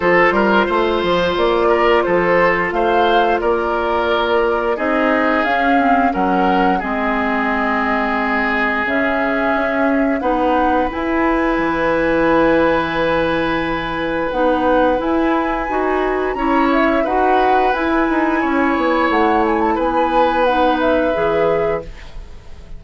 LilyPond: <<
  \new Staff \with { instrumentName = "flute" } { \time 4/4 \tempo 4 = 88 c''2 d''4 c''4 | f''4 d''2 dis''4 | f''4 fis''4 dis''2~ | dis''4 e''2 fis''4 |
gis''1~ | gis''4 fis''4 gis''2 | ais''8 e''8 fis''4 gis''2 | fis''8 gis''16 a''16 gis''4 fis''8 e''4. | }
  \new Staff \with { instrumentName = "oboe" } { \time 4/4 a'8 ais'8 c''4. ais'8 a'4 | c''4 ais'2 gis'4~ | gis'4 ais'4 gis'2~ | gis'2. b'4~ |
b'1~ | b'1 | cis''4 b'2 cis''4~ | cis''4 b'2. | }
  \new Staff \with { instrumentName = "clarinet" } { \time 4/4 f'1~ | f'2. dis'4 | cis'8 c'8 cis'4 c'2~ | c'4 cis'2 dis'4 |
e'1~ | e'4 dis'4 e'4 fis'4 | e'4 fis'4 e'2~ | e'2 dis'4 gis'4 | }
  \new Staff \with { instrumentName = "bassoon" } { \time 4/4 f8 g8 a8 f8 ais4 f4 | a4 ais2 c'4 | cis'4 fis4 gis2~ | gis4 cis4 cis'4 b4 |
e'4 e2.~ | e4 b4 e'4 dis'4 | cis'4 dis'4 e'8 dis'8 cis'8 b8 | a4 b2 e4 | }
>>